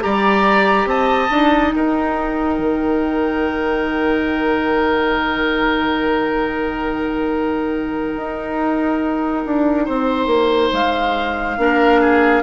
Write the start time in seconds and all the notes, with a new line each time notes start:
0.00 G3 G4 D5 A#5
0.85 C4 D#5 A5
1.30 D4 D#4
1.72 D#4 A#4 G5
2.58 D#3
8.16 D#4
9.45 D4
9.85 C4 C5
10.26 A#3
10.73 G#3 F5
11.57 A#3 D4 A#4
12.01 G#4